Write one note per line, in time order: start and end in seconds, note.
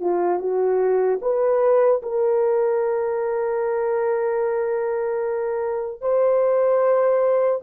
0.00 0.39 F4
0.39 1.19 F#4
1.21 2.01 B4
2.02 6.01 A#4
6.01 7.61 C5